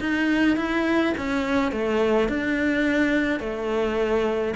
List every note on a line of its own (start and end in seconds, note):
0.00 0.57 D#4
0.57 1.14 E4
1.18 1.72 C#4
1.72 2.29 A3
2.29 3.40 D4
3.40 4.54 A3